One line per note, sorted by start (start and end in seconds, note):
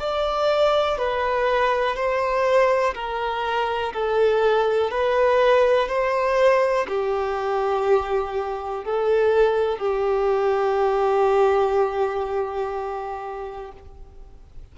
0.00 0.98 D5
0.98 1.96 B4
1.96 2.94 C5
2.95 3.93 A#4
3.93 4.91 A4
4.91 5.89 B4
5.89 6.87 C5
6.88 8.85 G4
8.85 9.79 A4
9.79 13.72 G4